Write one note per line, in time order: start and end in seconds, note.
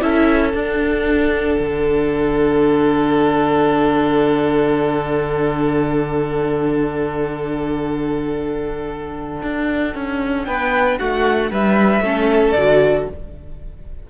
0.00 0.53 C#4
0.00 0.52 E4
0.00 10.46 A4
0.00 0.52 E5
0.52 1.57 D4
0.52 12.02 D4
0.52 10.44 F#5
1.59 9.41 D3
9.42 9.94 D4
9.94 10.46 C#4
10.44 10.99 B3
10.44 10.99 B4
10.44 10.97 G5
10.99 11.51 A3
10.99 11.51 F#4
10.99 11.51 F#5
11.51 12.00 G3
11.51 12.03 B4
11.51 12.51 E5
12.00 12.52 A3
12.00 12.55 C#4
12.00 13.09 A4
12.51 13.08 D3
12.51 13.03 D5
12.57 13.09 F#4